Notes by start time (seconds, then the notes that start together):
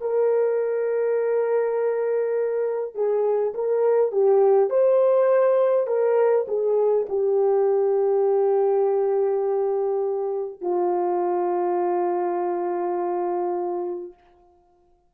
0.00 A#4
2.94 G#4
3.54 A#4
4.11 G4
4.70 C5
5.87 A#4
6.48 G#4
7.09 G4
10.60 F4